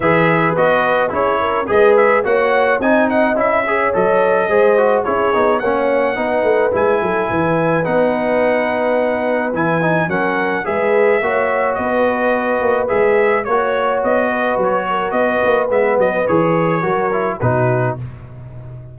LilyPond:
<<
  \new Staff \with { instrumentName = "trumpet" } { \time 4/4 \tempo 4 = 107 e''4 dis''4 cis''4 dis''8 e''8 | fis''4 gis''8 fis''8 e''4 dis''4~ | dis''4 cis''4 fis''2 | gis''2 fis''2~ |
fis''4 gis''4 fis''4 e''4~ | e''4 dis''2 e''4 | cis''4 dis''4 cis''4 dis''4 | e''8 dis''8 cis''2 b'4 | }
  \new Staff \with { instrumentName = "horn" } { \time 4/4 b'2 gis'8 ais'8 b'4 | cis''4 dis''4. cis''4. | c''4 gis'4 cis''4 b'4~ | b'8 a'8 b'2.~ |
b'2 ais'4 b'4 | cis''4 b'2. | cis''4. b'4 ais'8 b'4~ | b'2 ais'4 fis'4 | }
  \new Staff \with { instrumentName = "trombone" } { \time 4/4 gis'4 fis'4 e'4 gis'4 | fis'4 dis'4 e'8 gis'8 a'4 | gis'8 fis'8 e'8 dis'8 cis'4 dis'4 | e'2 dis'2~ |
dis'4 e'8 dis'8 cis'4 gis'4 | fis'2. gis'4 | fis'1 | b4 gis'4 fis'8 e'8 dis'4 | }
  \new Staff \with { instrumentName = "tuba" } { \time 4/4 e4 b4 cis'4 gis4 | ais4 c'4 cis'4 fis4 | gis4 cis'8 b8 ais4 b8 a8 | gis8 fis8 e4 b2~ |
b4 e4 fis4 gis4 | ais4 b4. ais8 gis4 | ais4 b4 fis4 b8 ais8 | gis8 fis8 e4 fis4 b,4 | }
>>